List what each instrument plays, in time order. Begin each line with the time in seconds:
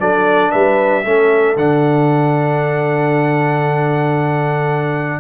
0.00 tuba F#3, trombone D4, horn A4, trumpet D5
0.52 tuba G3, horn B4, trumpet E5
1.05 tuba A3, trombone C#4, horn A4
1.56 tuba D3, trombone D4, trumpet F#5